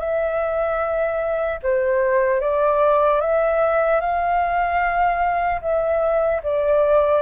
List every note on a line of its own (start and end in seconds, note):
0.00 1.60 E5
1.63 2.41 C5
2.41 3.21 D5
3.21 4.01 E5
4.01 5.61 F5
5.62 6.42 E5
6.43 7.22 D5